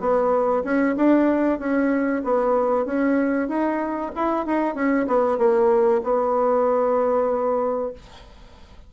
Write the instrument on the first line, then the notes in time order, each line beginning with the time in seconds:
bassoon
0.00 B3
0.64 C#4
0.96 D4
1.59 C#4
2.24 B3
2.86 C#4
3.49 D#4
4.16 E4
4.46 D#4
4.75 C#4
5.07 B3
5.38 A#3
6.03 B3